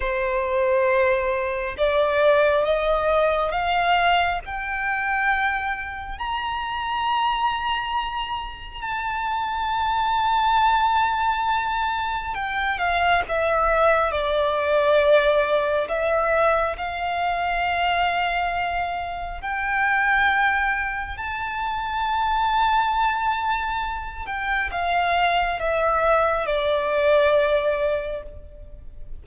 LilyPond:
\new Staff \with { instrumentName = "violin" } { \time 4/4 \tempo 4 = 68 c''2 d''4 dis''4 | f''4 g''2 ais''4~ | ais''2 a''2~ | a''2 g''8 f''8 e''4 |
d''2 e''4 f''4~ | f''2 g''2 | a''2.~ a''8 g''8 | f''4 e''4 d''2 | }